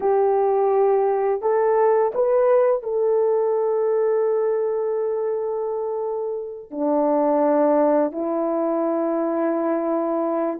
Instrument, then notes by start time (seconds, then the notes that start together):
horn
0.00 G4
1.41 A4
2.14 B4
2.82 A4
6.70 D4
8.11 E4